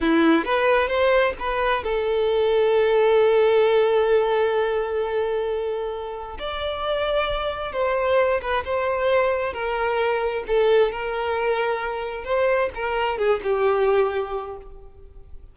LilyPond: \new Staff \with { instrumentName = "violin" } { \time 4/4 \tempo 4 = 132 e'4 b'4 c''4 b'4 | a'1~ | a'1~ | a'2 d''2~ |
d''4 c''4. b'8 c''4~ | c''4 ais'2 a'4 | ais'2. c''4 | ais'4 gis'8 g'2~ g'8 | }